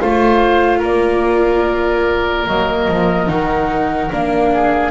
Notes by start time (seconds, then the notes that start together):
0.00 A3 F4 C5 F5
0.79 A#3 A#4 D5
2.47 F#3 A#3 D#5
2.88 F3
3.27 D#3 D#4 F#5
4.11 A#3 D4 F5
4.53 G#4